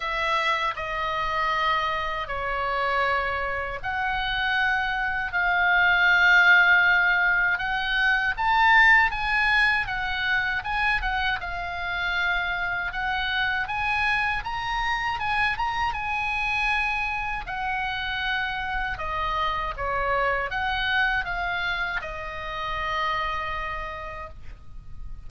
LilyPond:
\new Staff \with { instrumentName = "oboe" } { \time 4/4 \tempo 4 = 79 e''4 dis''2 cis''4~ | cis''4 fis''2 f''4~ | f''2 fis''4 a''4 | gis''4 fis''4 gis''8 fis''8 f''4~ |
f''4 fis''4 gis''4 ais''4 | gis''8 ais''8 gis''2 fis''4~ | fis''4 dis''4 cis''4 fis''4 | f''4 dis''2. | }